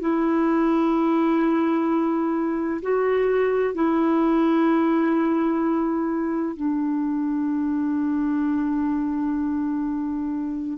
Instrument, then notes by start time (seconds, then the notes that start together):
clarinet
0.00 E4
2.82 F#4
3.75 E4
6.56 D4